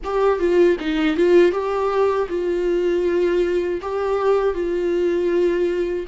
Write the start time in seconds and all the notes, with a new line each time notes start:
0.04 G4
0.39 F4
0.79 D#4
1.16 F4
1.51 G4
2.29 F4
3.81 G4
4.54 F4